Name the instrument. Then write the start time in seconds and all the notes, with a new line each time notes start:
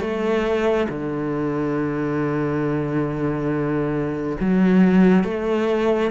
cello
0.00 A3
0.89 D3
4.40 F#3
5.24 A3